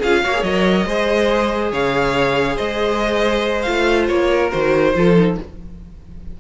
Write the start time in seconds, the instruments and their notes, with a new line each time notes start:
0.00 cello C#4, viola F4, violin G#4 F5
0.23 cello A#3, viola F#4, violin C#5
0.34 viola G#4
0.43 cello F#3, viola A#4, violin D#5
0.87 cello G#3, viola G#4, violin C5
1.72 cello C#3, violin C#5 F5
2.56 cello G#3, violin C5 D#5
3.62 viola F4, violin F5
3.68 cello A3
4.08 cello A#3, violin C#5
4.31 violin A#4
4.51 cello D#3, viola F#4, violin C5
4.95 cello F3, viola F4, violin A4
5.17 viola D#4